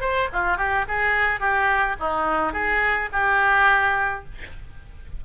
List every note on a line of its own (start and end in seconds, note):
0.00 0.28 C5
0.33 0.57 F4
0.57 0.85 G4
0.88 1.39 G#4
1.39 1.95 G4
1.99 2.53 D#4
2.53 3.09 G#4
3.12 4.24 G4